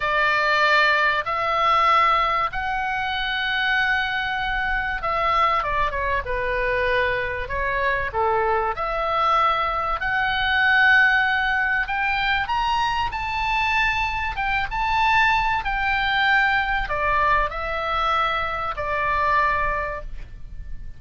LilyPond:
\new Staff \with { instrumentName = "oboe" } { \time 4/4 \tempo 4 = 96 d''2 e''2 | fis''1 | e''4 d''8 cis''8 b'2 | cis''4 a'4 e''2 |
fis''2. g''4 | ais''4 a''2 g''8 a''8~ | a''4 g''2 d''4 | e''2 d''2 | }